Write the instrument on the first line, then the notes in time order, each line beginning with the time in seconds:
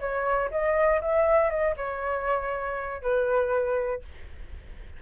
flute
0.00 C#5
0.51 D#5
1.01 E5
1.50 D#5
1.77 C#5
3.02 B4